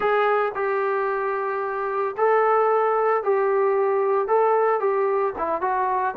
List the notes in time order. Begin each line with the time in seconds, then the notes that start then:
0.00 G#4
0.55 G4
2.17 A4
3.23 G4
4.27 A4
4.80 G4
5.37 E4
5.61 F#4